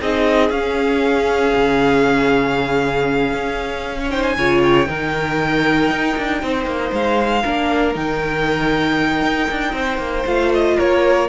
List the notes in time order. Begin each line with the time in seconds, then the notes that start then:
0.00 C4 D#4 G#4 D#5
0.50 C#4 F5
1.55 C#3
3.34 C#4
3.99 C#5
4.10 D#4 C5 G5
4.23 G#5
4.37 C#3 F4 C#5
4.63 G5
4.86 D#3 D#4 A#4
5.90 D#4
6.17 D4
6.42 C4 C5
6.65 A#3
6.92 G#3 F5
7.42 A#3 D4 A#4
7.94 D#3 D#4 G5
9.22 D#4
9.50 D4
9.72 C4 C5
9.98 A#3
10.25 A3 F4 F5
10.54 D#5
10.77 A#3 A#4 C#5